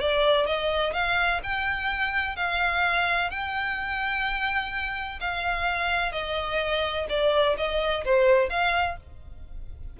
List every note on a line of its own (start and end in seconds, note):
0.00 0.46 D5
0.46 0.93 D#5
0.93 1.40 F5
1.43 2.36 G5
2.36 3.30 F5
3.30 5.19 G5
5.20 6.12 F5
6.12 7.07 D#5
7.09 7.56 D5
7.57 8.04 D#5
8.05 8.50 C5
8.50 8.97 F5